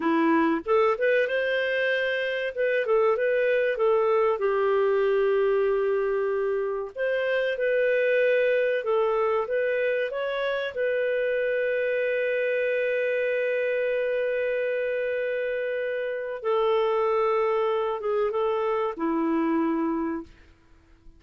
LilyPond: \new Staff \with { instrumentName = "clarinet" } { \time 4/4 \tempo 4 = 95 e'4 a'8 b'8 c''2 | b'8 a'8 b'4 a'4 g'4~ | g'2. c''4 | b'2 a'4 b'4 |
cis''4 b'2.~ | b'1~ | b'2 a'2~ | a'8 gis'8 a'4 e'2 | }